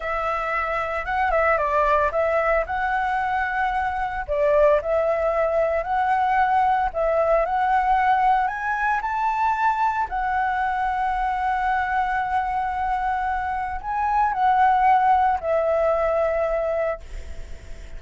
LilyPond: \new Staff \with { instrumentName = "flute" } { \time 4/4 \tempo 4 = 113 e''2 fis''8 e''8 d''4 | e''4 fis''2. | d''4 e''2 fis''4~ | fis''4 e''4 fis''2 |
gis''4 a''2 fis''4~ | fis''1~ | fis''2 gis''4 fis''4~ | fis''4 e''2. | }